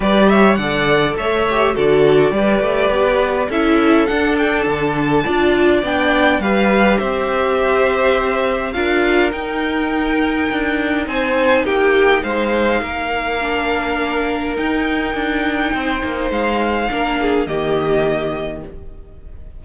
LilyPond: <<
  \new Staff \with { instrumentName = "violin" } { \time 4/4 \tempo 4 = 103 d''8 e''8 fis''4 e''4 d''4~ | d''2 e''4 fis''8 g''8 | a''2 g''4 f''4 | e''2. f''4 |
g''2. gis''4 | g''4 f''2.~ | f''4 g''2. | f''2 dis''2 | }
  \new Staff \with { instrumentName = "violin" } { \time 4/4 b'8 cis''8 d''4 cis''4 a'4 | b'2 a'2~ | a'4 d''2 b'4 | c''2. ais'4~ |
ais'2. c''4 | g'4 c''4 ais'2~ | ais'2. c''4~ | c''4 ais'8 gis'8 g'2 | }
  \new Staff \with { instrumentName = "viola" } { \time 4/4 g'4 a'4. g'8 fis'4 | g'2 e'4 d'4~ | d'4 f'4 d'4 g'4~ | g'2. f'4 |
dis'1~ | dis'2. d'4~ | d'4 dis'2.~ | dis'4 d'4 ais2 | }
  \new Staff \with { instrumentName = "cello" } { \time 4/4 g4 d4 a4 d4 | g8 a8 b4 cis'4 d'4 | d4 d'4 b4 g4 | c'2. d'4 |
dis'2 d'4 c'4 | ais4 gis4 ais2~ | ais4 dis'4 d'4 c'8 ais8 | gis4 ais4 dis2 | }
>>